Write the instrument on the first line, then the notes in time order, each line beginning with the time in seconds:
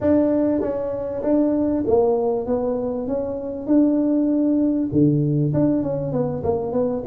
tuba
0.00 D4
0.61 C#4
1.22 D4
1.87 A#3
2.46 B3
3.07 C#4
3.67 D4
4.91 D3
5.53 D4
5.82 C#4
6.12 B3
6.43 A#3
6.72 B3